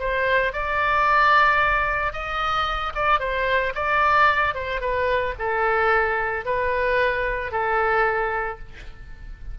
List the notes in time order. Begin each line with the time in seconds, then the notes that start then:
0.00 C5
0.53 D5
2.13 D#5
2.95 D5
3.20 C5
3.75 D5
4.55 C5
4.81 B4
5.39 A4
6.46 B4
7.52 A4